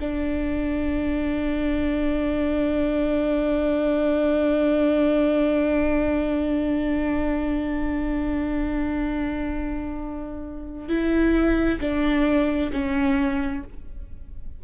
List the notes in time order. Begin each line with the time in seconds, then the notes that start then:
0.00 D4
10.88 E4
11.80 D4
12.72 C#4